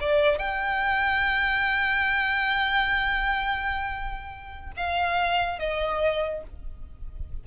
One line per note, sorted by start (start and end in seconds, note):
0.00 0.39 D5
0.39 4.72 G5
4.77 5.59 F5
5.59 6.43 D#5